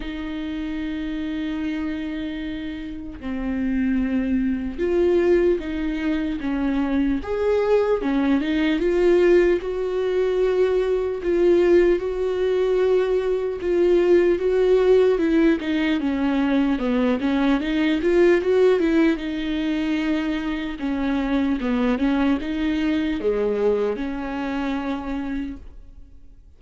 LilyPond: \new Staff \with { instrumentName = "viola" } { \time 4/4 \tempo 4 = 75 dis'1 | c'2 f'4 dis'4 | cis'4 gis'4 cis'8 dis'8 f'4 | fis'2 f'4 fis'4~ |
fis'4 f'4 fis'4 e'8 dis'8 | cis'4 b8 cis'8 dis'8 f'8 fis'8 e'8 | dis'2 cis'4 b8 cis'8 | dis'4 gis4 cis'2 | }